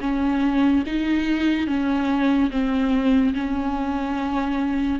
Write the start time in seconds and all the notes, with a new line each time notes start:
0.00 C#4
0.86 D#4
1.66 C#4
2.50 C4
3.34 C#4